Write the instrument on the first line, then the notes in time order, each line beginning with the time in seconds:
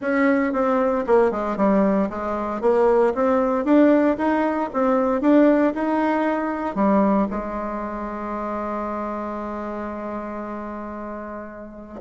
bassoon
0.01 C#4
0.52 C4
1.06 A#3
1.31 G#3
1.57 G3
2.09 G#3
2.61 A#3
3.14 C4
3.64 D4
4.17 D#4
4.73 C4
5.21 D4
5.74 D#4
6.75 G3
7.30 G#3